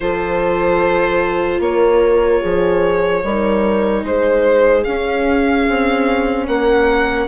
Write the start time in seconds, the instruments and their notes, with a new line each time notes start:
0.00 bassoon F3, viola F4, horn A4, violin C5
1.59 bassoon A#3, horn A#4, violin C#5
2.40 bassoon F3, horn G#4
3.23 bassoon G3, viola D#4, horn A#4
4.03 bassoon G#3, horn G#4, violin C5
4.84 viola C#4, bassoon C#4, violin F5
5.68 bassoon C4
6.47 bassoon A#3, horn A#4, violin F#5